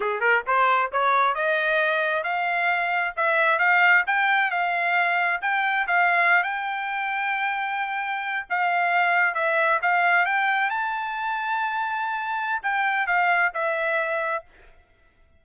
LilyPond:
\new Staff \with { instrumentName = "trumpet" } { \time 4/4 \tempo 4 = 133 gis'8 ais'8 c''4 cis''4 dis''4~ | dis''4 f''2 e''4 | f''4 g''4 f''2 | g''4 f''4~ f''16 g''4.~ g''16~ |
g''2~ g''8. f''4~ f''16~ | f''8. e''4 f''4 g''4 a''16~ | a''1 | g''4 f''4 e''2 | }